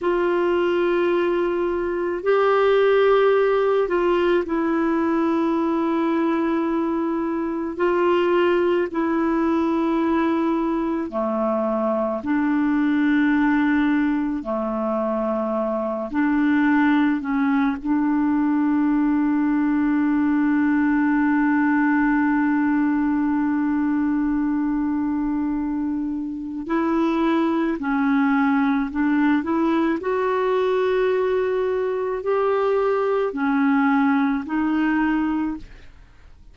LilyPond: \new Staff \with { instrumentName = "clarinet" } { \time 4/4 \tempo 4 = 54 f'2 g'4. f'8 | e'2. f'4 | e'2 a4 d'4~ | d'4 a4. d'4 cis'8 |
d'1~ | d'1 | e'4 cis'4 d'8 e'8 fis'4~ | fis'4 g'4 cis'4 dis'4 | }